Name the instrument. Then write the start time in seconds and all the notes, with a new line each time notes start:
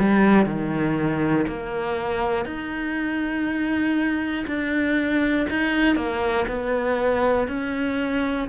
cello
0.00 G3
0.46 D#3
1.48 A#3
2.46 D#4
4.47 D4
5.50 D#4
5.96 A#3
6.48 B3
7.48 C#4